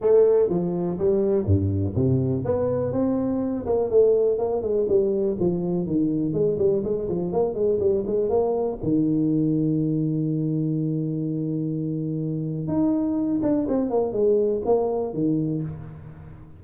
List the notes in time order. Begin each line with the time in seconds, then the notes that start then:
0.01 A3
0.49 F3
0.98 G3
1.45 G2
1.95 C3
2.44 B3
2.92 C4
3.66 A#3
3.90 A3
4.38 A#3
4.62 G#3
4.88 G3
5.39 F3
5.86 D#3
6.33 G#3
6.58 G3
6.84 G#3
7.08 F3
7.32 A#3
7.54 G#3
7.79 G3
8.06 G#3
8.29 A#3
8.82 D#3
12.67 D#4
13.42 D4
13.68 C4
13.90 A#3
14.12 G#3
14.65 A#3
15.13 D#3